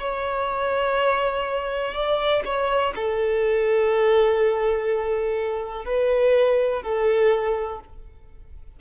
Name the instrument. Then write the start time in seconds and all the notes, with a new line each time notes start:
violin
0.00 C#5
1.94 D5
2.45 C#5
2.95 A4
5.85 B4
6.82 A4